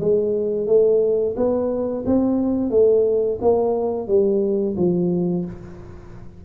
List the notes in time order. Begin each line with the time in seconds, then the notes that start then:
0.00 G#3
0.67 A3
1.36 B3
2.06 C4
2.71 A3
3.41 A#3
4.08 G3
4.77 F3